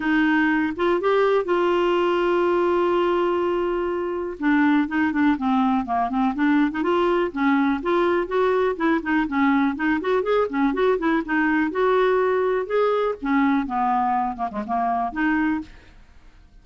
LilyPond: \new Staff \with { instrumentName = "clarinet" } { \time 4/4 \tempo 4 = 123 dis'4. f'8 g'4 f'4~ | f'1~ | f'4 d'4 dis'8 d'8 c'4 | ais8 c'8 d'8. dis'16 f'4 cis'4 |
f'4 fis'4 e'8 dis'8 cis'4 | dis'8 fis'8 gis'8 cis'8 fis'8 e'8 dis'4 | fis'2 gis'4 cis'4 | b4. ais16 gis16 ais4 dis'4 | }